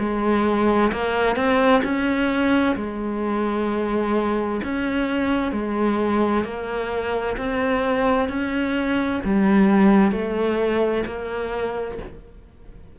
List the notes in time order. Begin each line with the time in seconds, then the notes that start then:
0.00 G#3
0.93 A#3
1.36 C4
1.84 C#4
2.77 G#3
4.64 C#4
5.53 G#3
6.45 A#3
7.38 C4
8.29 C#4
9.25 G3
10.12 A3
11.06 A#3